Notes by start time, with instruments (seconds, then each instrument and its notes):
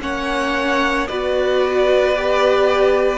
0.00 cello A#3, viola C#4, violin C#5 F#5
1.07 cello B3, viola F#4, violin B4 D5
2.16 viola G4